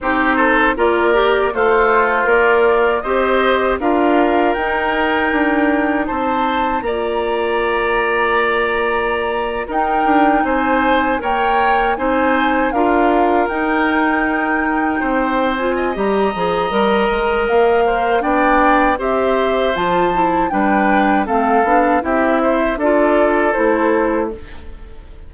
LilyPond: <<
  \new Staff \with { instrumentName = "flute" } { \time 4/4 \tempo 4 = 79 c''4 d''4 c''4 d''4 | dis''4 f''4 g''2 | a''4 ais''2.~ | ais''8. g''4 gis''4 g''4 gis''16~ |
gis''8. f''4 g''2~ g''16~ | g''8 gis''8 ais''2 f''4 | g''4 e''4 a''4 g''4 | f''4 e''4 d''4 c''4 | }
  \new Staff \with { instrumentName = "oboe" } { \time 4/4 g'8 a'8 ais'4 f'2 | c''4 ais'2. | c''4 d''2.~ | d''8. ais'4 c''4 cis''4 c''16~ |
c''8. ais'2. c''16~ | c''8. dis''2~ dis''8. c''8 | d''4 c''2 b'4 | a'4 g'8 c''8 a'2 | }
  \new Staff \with { instrumentName = "clarinet" } { \time 4/4 dis'4 f'8 g'8 a'4 ais'4 | g'4 f'4 dis'2~ | dis'4 f'2.~ | f'8. dis'2 ais'4 dis'16~ |
dis'8. f'4 dis'2~ dis'16~ | dis'8 f'8 g'8 gis'8 ais'2 | d'4 g'4 f'8 e'8 d'4 | c'8 d'8 e'4 f'4 e'4 | }
  \new Staff \with { instrumentName = "bassoon" } { \time 4/4 c'4 ais4 a4 ais4 | c'4 d'4 dis'4 d'4 | c'4 ais2.~ | ais8. dis'8 d'8 c'4 ais4 c'16~ |
c'8. d'4 dis'2 c'16~ | c'4 g8 f8 g8 gis8 ais4 | b4 c'4 f4 g4 | a8 b8 c'4 d'4 a4 | }
>>